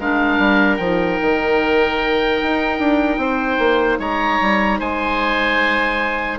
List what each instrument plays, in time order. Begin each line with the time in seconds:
0.00 bassoon G#3, clarinet D4, oboe A#4 F5
0.39 bassoon G3
0.77 bassoon F3, clarinet D#4, oboe G5
1.22 bassoon D#3
2.42 bassoon D#4
2.79 bassoon D4
3.18 bassoon C4, oboe C5
3.59 bassoon A#3
3.99 bassoon G#3, oboe C#5 A#5
4.41 bassoon G3
4.79 bassoon G#3, oboe C5 G#5